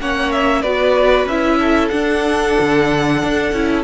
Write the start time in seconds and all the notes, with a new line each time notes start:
0.00 A#3 C#4 C#5 F#5
0.32 E5
0.62 B3 F#4 B4 D5
1.26 C#4 E4 E5
1.59 A4
1.88 D4 F#5
2.60 D3
3.23 D4
3.52 C#4 E4